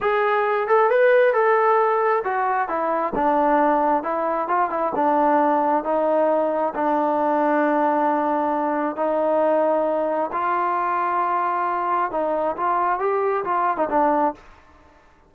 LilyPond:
\new Staff \with { instrumentName = "trombone" } { \time 4/4 \tempo 4 = 134 gis'4. a'8 b'4 a'4~ | a'4 fis'4 e'4 d'4~ | d'4 e'4 f'8 e'8 d'4~ | d'4 dis'2 d'4~ |
d'1 | dis'2. f'4~ | f'2. dis'4 | f'4 g'4 f'8. dis'16 d'4 | }